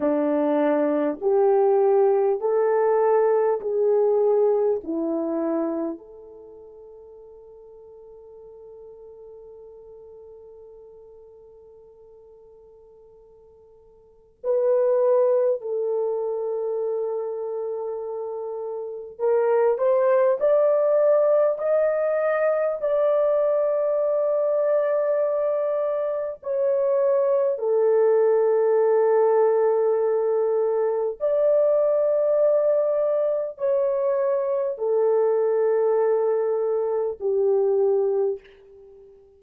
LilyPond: \new Staff \with { instrumentName = "horn" } { \time 4/4 \tempo 4 = 50 d'4 g'4 a'4 gis'4 | e'4 a'2.~ | a'1 | b'4 a'2. |
ais'8 c''8 d''4 dis''4 d''4~ | d''2 cis''4 a'4~ | a'2 d''2 | cis''4 a'2 g'4 | }